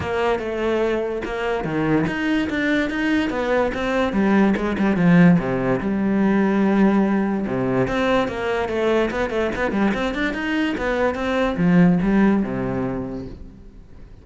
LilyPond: \new Staff \with { instrumentName = "cello" } { \time 4/4 \tempo 4 = 145 ais4 a2 ais4 | dis4 dis'4 d'4 dis'4 | b4 c'4 g4 gis8 g8 | f4 c4 g2~ |
g2 c4 c'4 | ais4 a4 b8 a8 b8 g8 | c'8 d'8 dis'4 b4 c'4 | f4 g4 c2 | }